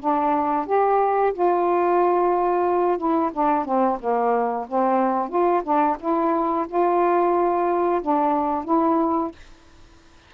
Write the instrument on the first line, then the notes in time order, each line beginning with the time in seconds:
saxophone
0.00 D4
0.66 G4
1.34 F4
2.98 E4
3.33 D4
3.65 C4
4.00 A#3
4.68 C4
5.29 F4
5.64 D4
6.00 E4
6.68 F4
8.02 D4
8.65 E4